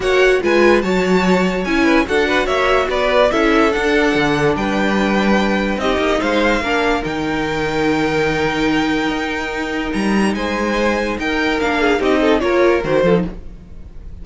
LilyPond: <<
  \new Staff \with { instrumentName = "violin" } { \time 4/4 \tempo 4 = 145 fis''4 gis''4 a''2 | gis''4 fis''4 e''4 d''4 | e''4 fis''2 g''4~ | g''2 dis''4 f''4~ |
f''4 g''2.~ | g''1 | ais''4 gis''2 g''4 | f''4 dis''4 cis''4 c''4 | }
  \new Staff \with { instrumentName = "violin" } { \time 4/4 cis''4 b'4 cis''2~ | cis''8 b'8 a'8 b'8 cis''4 b'4 | a'2. b'4~ | b'2 g'4 c''4 |
ais'1~ | ais'1~ | ais'4 c''2 ais'4~ | ais'8 gis'8 g'8 a'8 ais'4. a'8 | }
  \new Staff \with { instrumentName = "viola" } { \time 4/4 fis'4 f'4 fis'2 | e'4 fis'2. | e'4 d'2.~ | d'2 dis'2 |
d'4 dis'2.~ | dis'1~ | dis'1 | d'4 dis'4 f'4 fis'8 f'16 dis'16 | }
  \new Staff \with { instrumentName = "cello" } { \time 4/4 ais4 gis4 fis2 | cis'4 d'4 ais4 b4 | cis'4 d'4 d4 g4~ | g2 c'8 ais8 gis4 |
ais4 dis2.~ | dis2 dis'2 | g4 gis2 dis'4 | ais4 c'4 ais4 dis8 f8 | }
>>